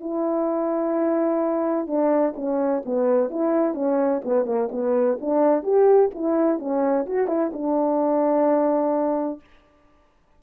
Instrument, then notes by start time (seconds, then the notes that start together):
horn
0.00 E4
1.87 D4
2.36 C#4
2.86 B3
3.30 E4
3.74 C#4
4.24 B3
4.45 A#3
4.71 B3
5.20 D4
5.62 G4
6.14 E4
6.59 C#4
7.06 F#4
7.27 E4
7.53 D4